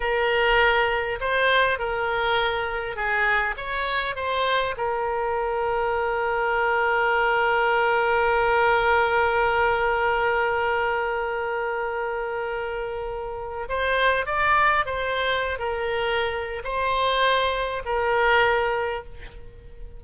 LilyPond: \new Staff \with { instrumentName = "oboe" } { \time 4/4 \tempo 4 = 101 ais'2 c''4 ais'4~ | ais'4 gis'4 cis''4 c''4 | ais'1~ | ais'1~ |
ais'1~ | ais'2. c''4 | d''4 c''4~ c''16 ais'4.~ ais'16 | c''2 ais'2 | }